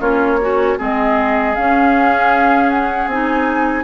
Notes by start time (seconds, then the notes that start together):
0.00 A#3 C#4 F4 C#5
0.41 C#4 F#4
0.78 G#3 C4 G#4 D#5
1.55 C#4 F5
2.70 F#5
3.07 C4 D#4 G#5